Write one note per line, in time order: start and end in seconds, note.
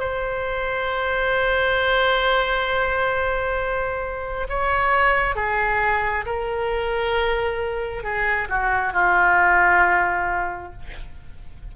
0.00 4.48 C5
4.49 5.36 C#5
5.36 6.26 G#4
6.26 8.04 A#4
8.04 8.49 G#4
8.50 8.93 F#4
8.93 10.73 F4